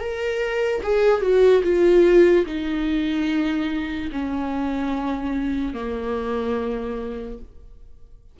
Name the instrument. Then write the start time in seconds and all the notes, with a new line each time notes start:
viola
0.00 A#4
0.83 G#4
1.21 F#4
1.64 F4
2.46 D#4
4.12 C#4
5.74 A#3